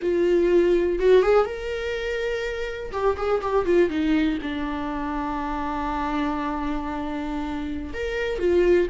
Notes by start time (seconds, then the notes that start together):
0.02 F4
0.99 F#4
1.22 G#4
1.45 A#4
2.92 G4
3.17 G#4
3.41 G4
3.65 F4
3.89 D#4
4.41 D4
7.93 A#4
8.38 F4